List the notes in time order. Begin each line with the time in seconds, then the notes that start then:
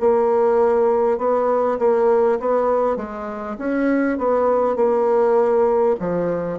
0.00 A#3
1.18 B3
1.78 A#3
2.39 B3
2.96 G#3
3.58 C#4
4.18 B3
4.76 A#3
5.99 F3